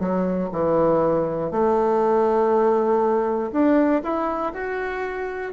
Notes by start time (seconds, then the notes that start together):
0.00 F#3
0.53 E3
1.52 A3
3.52 D4
4.03 E4
4.53 F#4